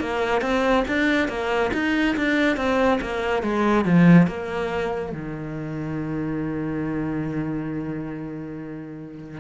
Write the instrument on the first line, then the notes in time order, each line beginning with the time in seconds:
cello
0.00 A#3
0.41 C4
0.88 D4
1.28 A#3
1.73 D#4
2.16 D4
2.57 C4
3.01 A#3
3.42 G#3
3.85 F3
4.27 A#3
5.12 D#3